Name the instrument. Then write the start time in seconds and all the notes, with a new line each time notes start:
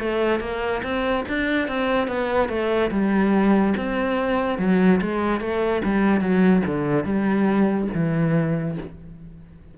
cello
0.00 A3
0.41 A#3
0.84 C4
1.29 D4
1.69 C4
2.08 B3
2.49 A3
2.91 G3
3.77 C4
4.59 F#3
5.02 G#3
5.41 A3
5.85 G3
6.21 F#3
6.66 D3
7.05 G3
7.95 E3